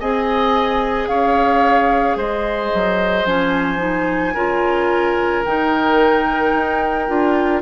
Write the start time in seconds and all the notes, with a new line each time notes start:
0.00 C4 G#4 D#5 G#5
1.08 C#4 C#5 F5
2.16 G#3 C5 D#5
2.74 F#3
3.25 F3 C#4 G#5
3.78 D#4
4.34 C#3 F4 A#4
5.45 D#3 D#4 G5
6.54 D#4
7.08 D4 F4